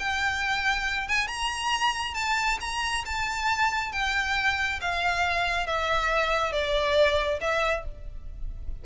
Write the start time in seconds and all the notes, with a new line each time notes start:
0.00 G5
1.09 G#5
1.28 A#5
2.15 A5
2.61 A#5
3.06 A5
3.93 G5
4.81 F5
5.67 E5
6.53 D5
7.41 E5